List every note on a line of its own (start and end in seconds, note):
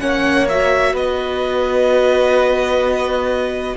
0.00 0.93 A#3
0.00 0.47 C#4
0.00 0.93 C#5
0.00 0.47 F#5
0.48 3.77 F#4
0.48 0.95 E5
0.93 3.74 B3
0.93 3.75 B4
0.93 3.77 D#5